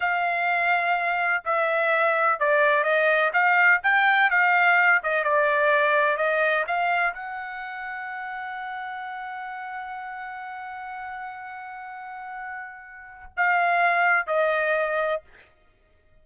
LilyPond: \new Staff \with { instrumentName = "trumpet" } { \time 4/4 \tempo 4 = 126 f''2. e''4~ | e''4 d''4 dis''4 f''4 | g''4 f''4. dis''8 d''4~ | d''4 dis''4 f''4 fis''4~ |
fis''1~ | fis''1~ | fis''1 | f''2 dis''2 | }